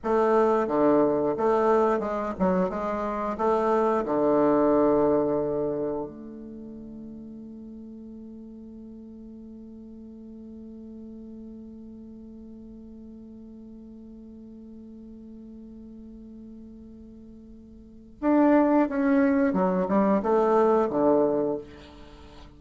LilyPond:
\new Staff \with { instrumentName = "bassoon" } { \time 4/4 \tempo 4 = 89 a4 d4 a4 gis8 fis8 | gis4 a4 d2~ | d4 a2.~ | a1~ |
a1~ | a1~ | a2. d'4 | cis'4 fis8 g8 a4 d4 | }